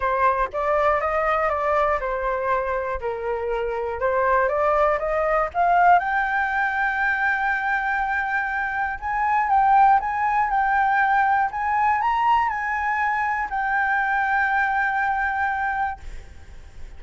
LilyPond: \new Staff \with { instrumentName = "flute" } { \time 4/4 \tempo 4 = 120 c''4 d''4 dis''4 d''4 | c''2 ais'2 | c''4 d''4 dis''4 f''4 | g''1~ |
g''2 gis''4 g''4 | gis''4 g''2 gis''4 | ais''4 gis''2 g''4~ | g''1 | }